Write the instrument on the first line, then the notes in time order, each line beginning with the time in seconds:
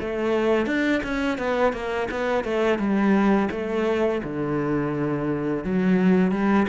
cello
0.00 A3
0.66 D4
1.03 C#4
1.38 B3
1.73 A#3
2.10 B3
2.44 A3
2.78 G3
3.51 A3
4.23 D3
5.64 F#3
6.31 G3